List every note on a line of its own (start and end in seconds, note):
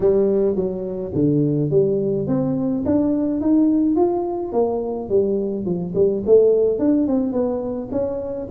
0.00 0.55 G3
0.55 1.12 F#3
1.14 1.70 D3
1.70 2.27 G3
2.27 2.84 C4
2.85 3.40 D4
3.40 3.95 D#4
3.95 4.52 F4
4.52 5.09 A#3
5.09 5.65 G3
5.65 5.93 F3
5.94 6.23 G3
6.25 6.78 A3
6.78 7.07 D4
7.07 7.32 C4
7.32 7.89 B3
7.91 8.48 C#4